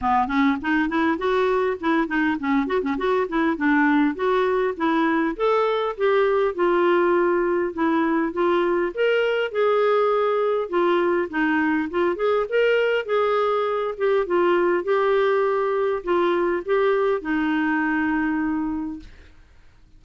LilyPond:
\new Staff \with { instrumentName = "clarinet" } { \time 4/4 \tempo 4 = 101 b8 cis'8 dis'8 e'8 fis'4 e'8 dis'8 | cis'8 fis'16 cis'16 fis'8 e'8 d'4 fis'4 | e'4 a'4 g'4 f'4~ | f'4 e'4 f'4 ais'4 |
gis'2 f'4 dis'4 | f'8 gis'8 ais'4 gis'4. g'8 | f'4 g'2 f'4 | g'4 dis'2. | }